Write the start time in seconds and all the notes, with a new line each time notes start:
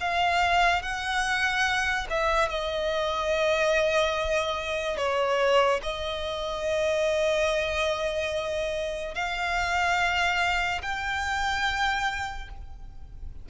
0.00 F5
0.82 F#5
2.10 E5
2.49 D#5
4.97 C#5
5.83 D#5
9.15 F5
10.82 G5